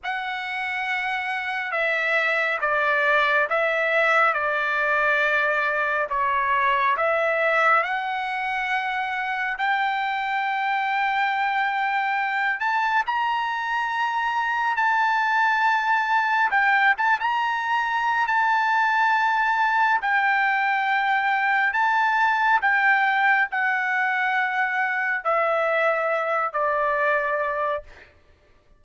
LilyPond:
\new Staff \with { instrumentName = "trumpet" } { \time 4/4 \tempo 4 = 69 fis''2 e''4 d''4 | e''4 d''2 cis''4 | e''4 fis''2 g''4~ | g''2~ g''8 a''8 ais''4~ |
ais''4 a''2 g''8 a''16 ais''16~ | ais''4 a''2 g''4~ | g''4 a''4 g''4 fis''4~ | fis''4 e''4. d''4. | }